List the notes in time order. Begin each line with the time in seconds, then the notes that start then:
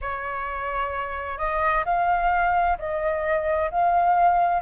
0.01 C#5
1.38 D#5
1.85 F5
2.78 D#5
3.70 F5